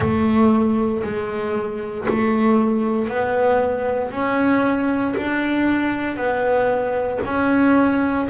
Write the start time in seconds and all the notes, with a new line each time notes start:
0.00 A3
1.03 G#3
2.08 A3
3.08 B3
4.11 C#4
5.17 D4
6.16 B3
7.25 C#4